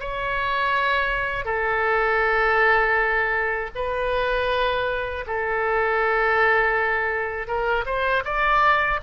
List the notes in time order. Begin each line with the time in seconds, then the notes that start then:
0.00 C#5
1.46 A4
3.75 B4
5.27 A4
7.48 A#4
7.86 C5
8.25 D5